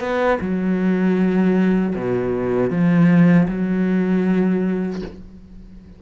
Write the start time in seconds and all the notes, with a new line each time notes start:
0.00 B3
0.41 F#3
1.95 B2
2.70 F3
3.48 F#3